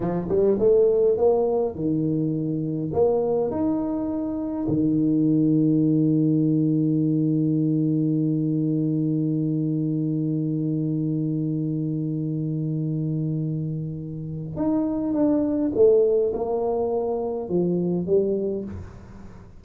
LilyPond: \new Staff \with { instrumentName = "tuba" } { \time 4/4 \tempo 4 = 103 f8 g8 a4 ais4 dis4~ | dis4 ais4 dis'2 | dis1~ | dis1~ |
dis1~ | dis1~ | dis4 dis'4 d'4 a4 | ais2 f4 g4 | }